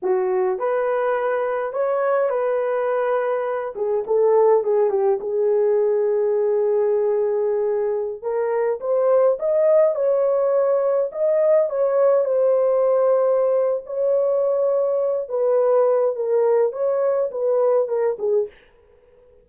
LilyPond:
\new Staff \with { instrumentName = "horn" } { \time 4/4 \tempo 4 = 104 fis'4 b'2 cis''4 | b'2~ b'8 gis'8 a'4 | gis'8 g'8 gis'2.~ | gis'2~ gis'16 ais'4 c''8.~ |
c''16 dis''4 cis''2 dis''8.~ | dis''16 cis''4 c''2~ c''8. | cis''2~ cis''8 b'4. | ais'4 cis''4 b'4 ais'8 gis'8 | }